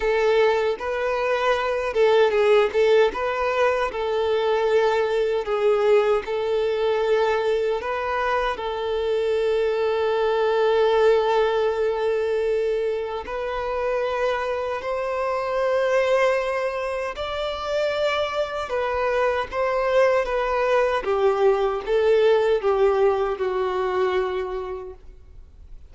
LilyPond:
\new Staff \with { instrumentName = "violin" } { \time 4/4 \tempo 4 = 77 a'4 b'4. a'8 gis'8 a'8 | b'4 a'2 gis'4 | a'2 b'4 a'4~ | a'1~ |
a'4 b'2 c''4~ | c''2 d''2 | b'4 c''4 b'4 g'4 | a'4 g'4 fis'2 | }